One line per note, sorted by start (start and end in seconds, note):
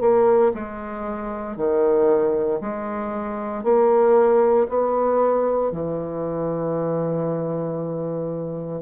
0.00 0.52 A#3
0.54 1.56 G#3
1.56 2.60 D#3
2.61 3.63 G#3
3.63 4.67 A#3
4.68 5.71 B3
5.71 8.82 E3